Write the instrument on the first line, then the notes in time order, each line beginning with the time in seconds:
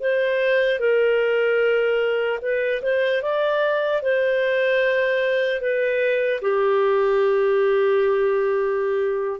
clarinet
0.00 C5
0.80 A#4
2.42 B4
2.82 C5
3.22 D5
4.02 C5
5.61 B4
6.41 G4